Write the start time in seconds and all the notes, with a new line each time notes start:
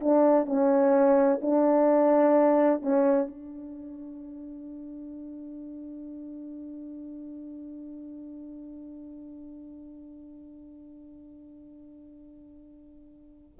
0.00 D4
0.46 C#4
1.41 D4
2.82 C#4
3.27 D4